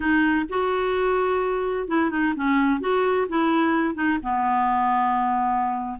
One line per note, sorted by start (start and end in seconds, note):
0.00 0.45 D#4
0.49 1.88 F#4
1.88 2.10 E4
2.10 2.34 D#4
2.36 2.80 C#4
2.80 3.27 F#4
3.29 3.94 E4
3.94 4.18 D#4
4.22 5.98 B3